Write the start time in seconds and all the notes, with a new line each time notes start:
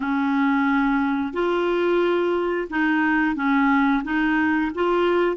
0.00 C#4
1.33 F4
2.70 D#4
3.35 C#4
4.04 D#4
4.75 F4